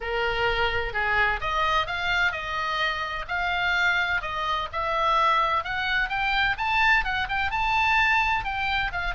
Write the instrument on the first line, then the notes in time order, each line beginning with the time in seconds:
oboe
0.00 A#4
0.93 G#4
1.40 D#5
1.86 F5
2.32 D#5
3.27 F5
4.21 D#5
4.72 E5
5.64 F#5
6.09 G5
6.57 A5
7.04 F#5
7.28 G5
7.51 A5
8.44 G5
8.91 F5